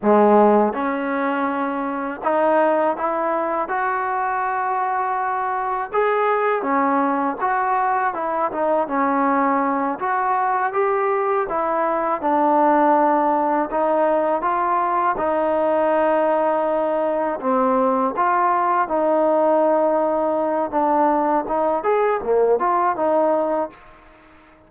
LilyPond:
\new Staff \with { instrumentName = "trombone" } { \time 4/4 \tempo 4 = 81 gis4 cis'2 dis'4 | e'4 fis'2. | gis'4 cis'4 fis'4 e'8 dis'8 | cis'4. fis'4 g'4 e'8~ |
e'8 d'2 dis'4 f'8~ | f'8 dis'2. c'8~ | c'8 f'4 dis'2~ dis'8 | d'4 dis'8 gis'8 ais8 f'8 dis'4 | }